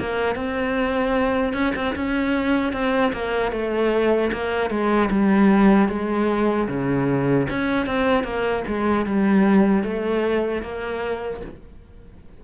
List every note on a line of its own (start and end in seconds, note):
0.00 0.36 A#3
0.36 1.54 C4
1.54 1.74 C#4
1.76 1.96 C4
1.96 2.73 C#4
2.73 3.13 C4
3.13 3.52 A#3
3.52 4.31 A3
4.33 4.70 A#3
4.70 5.10 G#3
5.11 5.89 G3
5.89 6.68 G#3
6.69 7.47 C#3
7.50 7.87 C#4
7.87 8.24 C4
8.24 8.64 A#3
8.68 9.06 G#3
9.06 9.84 G3
9.84 10.63 A3
10.63 11.42 A#3